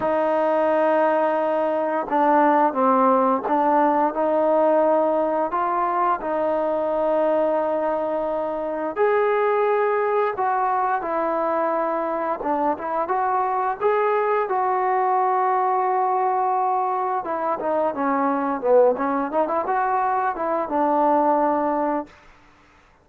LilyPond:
\new Staff \with { instrumentName = "trombone" } { \time 4/4 \tempo 4 = 87 dis'2. d'4 | c'4 d'4 dis'2 | f'4 dis'2.~ | dis'4 gis'2 fis'4 |
e'2 d'8 e'8 fis'4 | gis'4 fis'2.~ | fis'4 e'8 dis'8 cis'4 b8 cis'8 | dis'16 e'16 fis'4 e'8 d'2 | }